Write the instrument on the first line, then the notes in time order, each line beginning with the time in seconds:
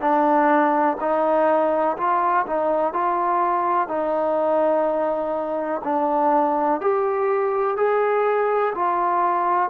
trombone
0.00 D4
1.00 D#4
1.97 F4
2.46 D#4
2.93 F4
3.88 D#4
5.84 D4
6.80 G4
7.76 G#4
8.74 F4